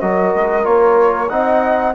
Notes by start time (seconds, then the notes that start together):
0.00 F#3 F#4 A#4 D#5
0.35 G#3
0.63 A#3 F4 C#5
1.29 C4 D#4 D#5 F#5